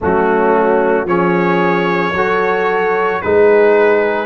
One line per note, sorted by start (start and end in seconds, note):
0.00 1.04 F#3
0.00 1.07 A3
0.00 1.06 C#4
0.00 1.07 F#4
1.04 2.11 F3
1.04 2.14 C#4
1.04 2.13 G#4
1.04 3.21 C#5
2.13 3.20 F#3
2.13 3.23 F#4
2.13 3.21 A4
3.21 4.26 G#3
3.21 4.26 D#4
3.21 4.26 G#4
3.21 4.26 B4